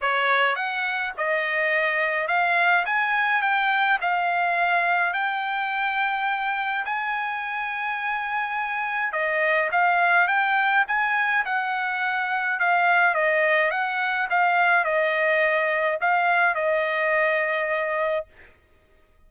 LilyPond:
\new Staff \with { instrumentName = "trumpet" } { \time 4/4 \tempo 4 = 105 cis''4 fis''4 dis''2 | f''4 gis''4 g''4 f''4~ | f''4 g''2. | gis''1 |
dis''4 f''4 g''4 gis''4 | fis''2 f''4 dis''4 | fis''4 f''4 dis''2 | f''4 dis''2. | }